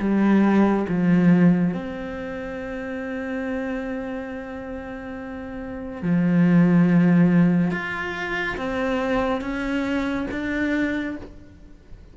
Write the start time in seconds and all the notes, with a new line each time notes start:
0.00 G3
0.89 F3
1.74 C4
6.02 F3
7.71 F4
8.57 C4
9.41 C#4
10.31 D4